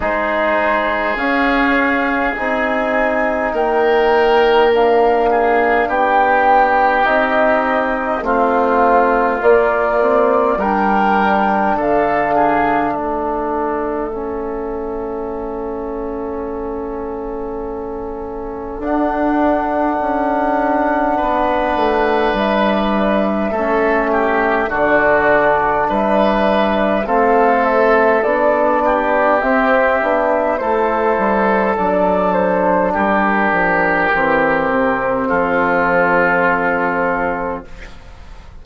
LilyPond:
<<
  \new Staff \with { instrumentName = "flute" } { \time 4/4 \tempo 4 = 51 c''4 f''4 gis''4 g''4 | f''4 g''4 dis''4 f''4 | d''4 g''4 f''4 e''4~ | e''1 |
fis''2. e''4~ | e''4 d''4 e''4 f''8 e''8 | d''4 e''4 c''4 d''8 c''8 | ais'2 a'2 | }
  \new Staff \with { instrumentName = "oboe" } { \time 4/4 gis'2. ais'4~ | ais'8 gis'8 g'2 f'4~ | f'4 ais'4 a'8 gis'8 a'4~ | a'1~ |
a'2 b'2 | a'8 g'8 fis'4 b'4 a'4~ | a'8 g'4. a'2 | g'2 f'2 | }
  \new Staff \with { instrumentName = "trombone" } { \time 4/4 dis'4 cis'4 dis'2 | d'2 dis'4 c'4 | ais8 c'8 d'2. | cis'1 |
d'1 | cis'4 d'2 c'4 | d'4 c'8 d'8 e'4 d'4~ | d'4 c'2. | }
  \new Staff \with { instrumentName = "bassoon" } { \time 4/4 gis4 cis'4 c'4 ais4~ | ais4 b4 c'4 a4 | ais4 g4 d4 a4~ | a1 |
d'4 cis'4 b8 a8 g4 | a4 d4 g4 a4 | b4 c'8 b8 a8 g8 fis4 | g8 f8 e8 c8 f2 | }
>>